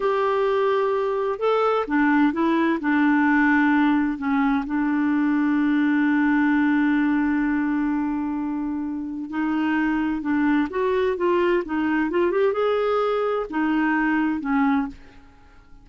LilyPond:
\new Staff \with { instrumentName = "clarinet" } { \time 4/4 \tempo 4 = 129 g'2. a'4 | d'4 e'4 d'2~ | d'4 cis'4 d'2~ | d'1~ |
d'1 | dis'2 d'4 fis'4 | f'4 dis'4 f'8 g'8 gis'4~ | gis'4 dis'2 cis'4 | }